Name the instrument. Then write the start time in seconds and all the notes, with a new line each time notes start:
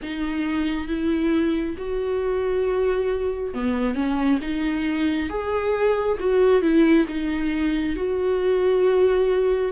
viola
0.02 D#4
0.87 E4
1.77 F#4
3.53 B3
3.95 C#4
4.41 D#4
5.29 G#4
6.19 F#4
6.62 E4
7.07 D#4
7.96 F#4